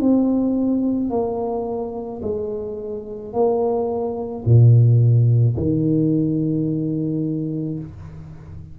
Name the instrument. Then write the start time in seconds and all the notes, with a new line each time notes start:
tuba
0.00 C4
1.10 A#3
2.22 G#3
3.33 A#3
4.45 A#2
5.57 D#3